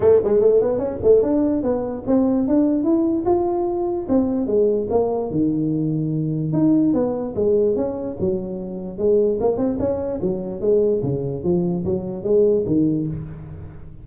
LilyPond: \new Staff \with { instrumentName = "tuba" } { \time 4/4 \tempo 4 = 147 a8 gis8 a8 b8 cis'8 a8 d'4 | b4 c'4 d'4 e'4 | f'2 c'4 gis4 | ais4 dis2. |
dis'4 b4 gis4 cis'4 | fis2 gis4 ais8 c'8 | cis'4 fis4 gis4 cis4 | f4 fis4 gis4 dis4 | }